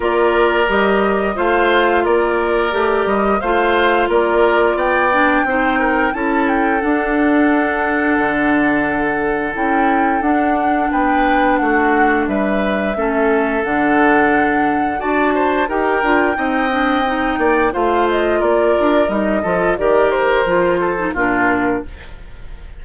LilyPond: <<
  \new Staff \with { instrumentName = "flute" } { \time 4/4 \tempo 4 = 88 d''4 dis''4 f''4 d''4~ | d''8 dis''8 f''4 d''4 g''4~ | g''4 a''8 g''8 fis''2~ | fis''2 g''4 fis''4 |
g''4 fis''4 e''2 | fis''2 a''4 g''4~ | g''2 f''8 dis''8 d''4 | dis''4 d''8 c''4. ais'4 | }
  \new Staff \with { instrumentName = "oboe" } { \time 4/4 ais'2 c''4 ais'4~ | ais'4 c''4 ais'4 d''4 | c''8 ais'8 a'2.~ | a'1 |
b'4 fis'4 b'4 a'4~ | a'2 d''8 c''8 ais'4 | dis''4. d''8 c''4 ais'4~ | ais'8 a'8 ais'4. a'8 f'4 | }
  \new Staff \with { instrumentName = "clarinet" } { \time 4/4 f'4 g'4 f'2 | g'4 f'2~ f'8 d'8 | dis'4 e'4 d'2~ | d'2 e'4 d'4~ |
d'2. cis'4 | d'2 fis'4 g'8 f'8 | dis'8 d'8 dis'4 f'2 | dis'8 f'8 g'4 f'8. dis'16 d'4 | }
  \new Staff \with { instrumentName = "bassoon" } { \time 4/4 ais4 g4 a4 ais4 | a8 g8 a4 ais4 b4 | c'4 cis'4 d'2 | d2 cis'4 d'4 |
b4 a4 g4 a4 | d2 d'4 dis'8 d'8 | c'4. ais8 a4 ais8 d'8 | g8 f8 dis4 f4 ais,4 | }
>>